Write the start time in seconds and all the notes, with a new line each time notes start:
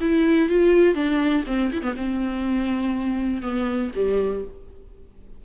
0.00 E4
0.49 F4
0.95 D4
1.46 C4
1.72 E4
1.82 B3
1.96 C4
3.42 B3
3.95 G3